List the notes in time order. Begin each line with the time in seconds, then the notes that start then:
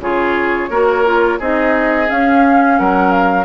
0.00 C#3 F4 G#4 C#5
0.70 A#3 F#4 A#4
1.06 F4
1.39 C4 D#4 G#4 D#5
2.08 C#4 F5
2.79 F#3 A#4 F#5
3.11 F5